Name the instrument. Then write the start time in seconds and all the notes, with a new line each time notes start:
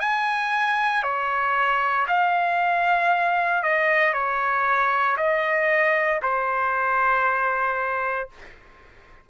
trumpet
0.00 G#5
1.03 C#5
2.08 F5
3.63 D#5
4.14 C#5
5.18 D#5
6.23 C5